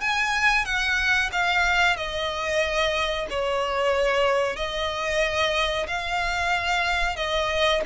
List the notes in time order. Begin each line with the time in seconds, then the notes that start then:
0.00 G#5
0.65 F#5
1.32 F5
1.96 D#5
3.29 C#5
4.56 D#5
5.87 F5
7.16 D#5